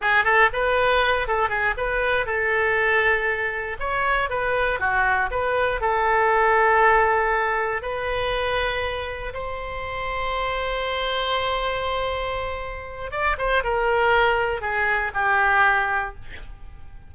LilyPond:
\new Staff \with { instrumentName = "oboe" } { \time 4/4 \tempo 4 = 119 gis'8 a'8 b'4. a'8 gis'8 b'8~ | b'8 a'2. cis''8~ | cis''8 b'4 fis'4 b'4 a'8~ | a'2.~ a'8 b'8~ |
b'2~ b'8 c''4.~ | c''1~ | c''2 d''8 c''8 ais'4~ | ais'4 gis'4 g'2 | }